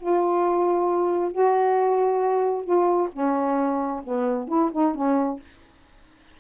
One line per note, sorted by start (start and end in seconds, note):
0.00 1.32 F4
1.32 2.64 F#4
2.64 3.09 F4
3.13 4.03 C#4
4.04 4.49 B3
4.49 4.71 E4
4.73 4.95 D#4
4.95 5.40 C#4